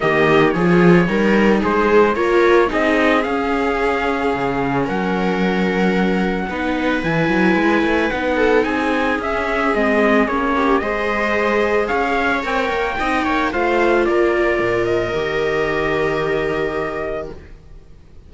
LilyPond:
<<
  \new Staff \with { instrumentName = "trumpet" } { \time 4/4 \tempo 4 = 111 dis''4 cis''2 c''4 | cis''4 dis''4 f''2~ | f''4 fis''2.~ | fis''4 gis''2 fis''4 |
gis''4 e''4 dis''4 cis''4 | dis''2 f''4 g''4~ | g''4 f''4 d''4. dis''8~ | dis''1 | }
  \new Staff \with { instrumentName = "viola" } { \time 4/4 g'4 gis'4 ais'4 gis'4 | ais'4 gis'2.~ | gis'4 ais'2. | b'2.~ b'8 a'8 |
gis'2.~ gis'8 g'8 | c''2 cis''2 | dis''8 cis''8 c''4 ais'2~ | ais'1 | }
  \new Staff \with { instrumentName = "viola" } { \time 4/4 ais4 f'4 dis'2 | f'4 dis'4 cis'2~ | cis'1 | dis'4 e'2 dis'4~ |
dis'4 cis'4 c'4 cis'4 | gis'2. ais'4 | dis'4 f'2. | g'1 | }
  \new Staff \with { instrumentName = "cello" } { \time 4/4 dis4 f4 g4 gis4 | ais4 c'4 cis'2 | cis4 fis2. | b4 e8 fis8 gis8 a8 b4 |
c'4 cis'4 gis4 ais4 | gis2 cis'4 c'8 ais8 | c'8 ais8 a4 ais4 ais,4 | dis1 | }
>>